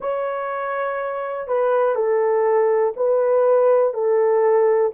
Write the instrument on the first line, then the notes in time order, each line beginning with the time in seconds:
horn
0.00 C#5
1.47 B4
1.95 A4
2.96 B4
3.93 A4